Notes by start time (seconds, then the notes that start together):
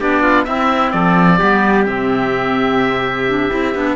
0.00 B3 D4 G4 D5
0.23 F4
0.45 C4 E4 E5
0.92 F3 A4 D5
1.39 G3 B3 G4
1.86 C3 C4 E5
3.28 D4
3.51 C4 E4
3.75 B3 D4